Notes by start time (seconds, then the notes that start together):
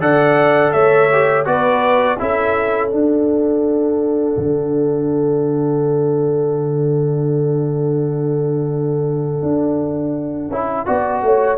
0.00 D3 A4 D5 F#5
0.72 A3 C#5 E5
1.12 G4
1.45 B3 F#4 B4 D5
2.19 C#4 E4 A4 E5
2.89 D4 F#5
4.37 D3
9.42 D4
10.49 C#4 E4
10.86 B3 F#4 D5
11.22 A3 C#5